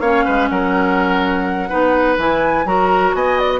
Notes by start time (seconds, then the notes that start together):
0.00 A#3 C#4 C#5 F5
0.24 G#3 B4
0.49 F#3 A#4 F#5
1.69 B3 D#4 B4
2.17 E3 E4 G#5
2.65 F#3 F#4 A#4 A#5
3.14 B3 D#5 G#5
3.39 D5
3.50 B4